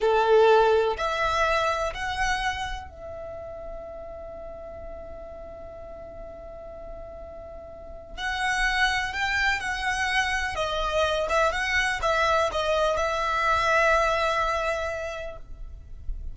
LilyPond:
\new Staff \with { instrumentName = "violin" } { \time 4/4 \tempo 4 = 125 a'2 e''2 | fis''2 e''2~ | e''1~ | e''1~ |
e''4 fis''2 g''4 | fis''2 dis''4. e''8 | fis''4 e''4 dis''4 e''4~ | e''1 | }